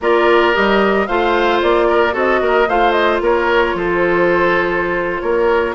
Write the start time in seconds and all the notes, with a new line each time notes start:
0.00 A#3 F4 A#4 D5
0.53 G3 G4 D#5
1.06 A3 F4 C5 F5
1.62 A#3 D5
1.88 A#4
2.11 C4 F#4 A4 D#5
2.41 A#3 A#4
2.67 A3 F4 C5 F5
2.91 D#5
3.21 A#3 A#4 C#5
3.74 F3 A4 C5
5.20 A#3 A#4 C#5